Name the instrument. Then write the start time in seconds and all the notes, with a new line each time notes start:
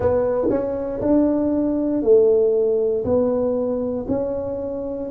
tuba
0.00 B3
0.49 C#4
1.01 D4
2.02 A3
3.04 B3
4.07 C#4